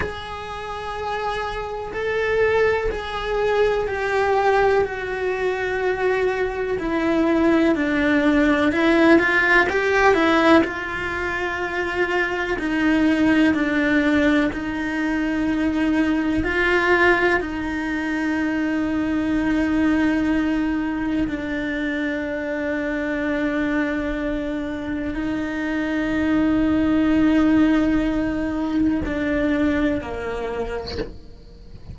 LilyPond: \new Staff \with { instrumentName = "cello" } { \time 4/4 \tempo 4 = 62 gis'2 a'4 gis'4 | g'4 fis'2 e'4 | d'4 e'8 f'8 g'8 e'8 f'4~ | f'4 dis'4 d'4 dis'4~ |
dis'4 f'4 dis'2~ | dis'2 d'2~ | d'2 dis'2~ | dis'2 d'4 ais4 | }